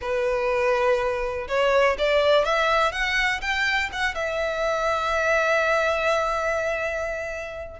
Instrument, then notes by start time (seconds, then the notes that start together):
violin
0.01 B4
1.48 C#5
1.98 D5
2.45 E5
2.91 F#5
3.41 G5
3.92 F#5
4.14 E5